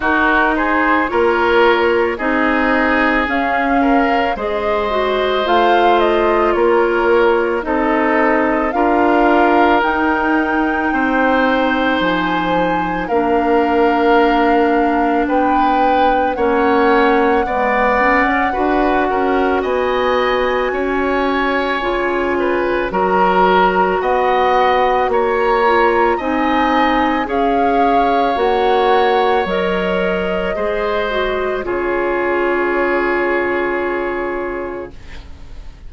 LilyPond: <<
  \new Staff \with { instrumentName = "flute" } { \time 4/4 \tempo 4 = 55 ais'8 c''8 cis''4 dis''4 f''4 | dis''4 f''8 dis''8 cis''4 dis''4 | f''4 g''2 gis''4 | f''2 g''4 fis''4~ |
fis''2 gis''2~ | gis''4 ais''4 fis''4 ais''4 | gis''4 f''4 fis''4 dis''4~ | dis''4 cis''2. | }
  \new Staff \with { instrumentName = "oboe" } { \time 4/4 fis'8 gis'8 ais'4 gis'4. ais'8 | c''2 ais'4 a'4 | ais'2 c''2 | ais'2 b'4 cis''4 |
d''4 b'8 ais'8 dis''4 cis''4~ | cis''8 b'8 ais'4 dis''4 cis''4 | dis''4 cis''2. | c''4 gis'2. | }
  \new Staff \with { instrumentName = "clarinet" } { \time 4/4 dis'4 f'4 dis'4 cis'4 | gis'8 fis'8 f'2 dis'4 | f'4 dis'2. | d'2. cis'4 |
gis8 cis'8 fis'2. | f'4 fis'2~ fis'8 f'8 | dis'4 gis'4 fis'4 ais'4 | gis'8 fis'8 f'2. | }
  \new Staff \with { instrumentName = "bassoon" } { \time 4/4 dis'4 ais4 c'4 cis'4 | gis4 a4 ais4 c'4 | d'4 dis'4 c'4 f4 | ais2 b4 ais4 |
b8. cis'16 d'8 cis'8 b4 cis'4 | cis4 fis4 b4 ais4 | c'4 cis'4 ais4 fis4 | gis4 cis2. | }
>>